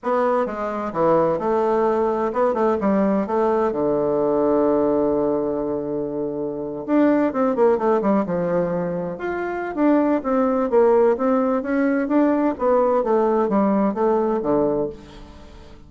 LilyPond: \new Staff \with { instrumentName = "bassoon" } { \time 4/4 \tempo 4 = 129 b4 gis4 e4 a4~ | a4 b8 a8 g4 a4 | d1~ | d2~ d8. d'4 c'16~ |
c'16 ais8 a8 g8 f2 f'16~ | f'4 d'4 c'4 ais4 | c'4 cis'4 d'4 b4 | a4 g4 a4 d4 | }